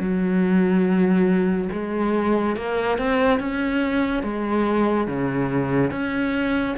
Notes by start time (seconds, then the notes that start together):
0.00 F#3
1.72 G#3
2.56 A#3
2.98 C4
3.40 C#4
4.23 G#3
5.07 C#3
5.91 C#4